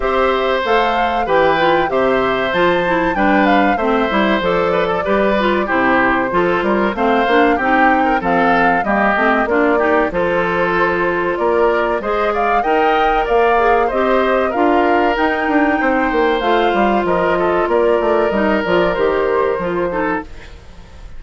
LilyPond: <<
  \new Staff \with { instrumentName = "flute" } { \time 4/4 \tempo 4 = 95 e''4 f''4 g''4 e''4 | a''4 g''8 f''8 e''4 d''4~ | d''4 c''2 f''4 | g''4 f''4 dis''4 d''4 |
c''2 d''4 dis''8 f''8 | g''4 f''4 dis''4 f''4 | g''2 f''4 dis''4 | d''4 dis''8 d''8 c''2 | }
  \new Staff \with { instrumentName = "oboe" } { \time 4/4 c''2 b'4 c''4~ | c''4 b'4 c''4. b'16 a'16 | b'4 g'4 a'8 ais'8 c''4 | g'8. ais'16 a'4 g'4 f'8 g'8 |
a'2 ais'4 c''8 d''8 | dis''4 d''4 c''4 ais'4~ | ais'4 c''2 ais'8 a'8 | ais'2.~ ais'8 a'8 | }
  \new Staff \with { instrumentName = "clarinet" } { \time 4/4 g'4 a'4 g'8 f'8 g'4 | f'8 e'8 d'4 c'8 e'8 a'4 | g'8 f'8 e'4 f'4 c'8 d'8 | dis'4 c'4 ais8 c'8 d'8 dis'8 |
f'2. gis'4 | ais'4. gis'8 g'4 f'4 | dis'2 f'2~ | f'4 dis'8 f'8 g'4 f'8 dis'8 | }
  \new Staff \with { instrumentName = "bassoon" } { \time 4/4 c'4 a4 e4 c4 | f4 g4 a8 g8 f4 | g4 c4 f8 g8 a8 ais8 | c'4 f4 g8 a8 ais4 |
f2 ais4 gis4 | dis'4 ais4 c'4 d'4 | dis'8 d'8 c'8 ais8 a8 g8 f4 | ais8 a8 g8 f8 dis4 f4 | }
>>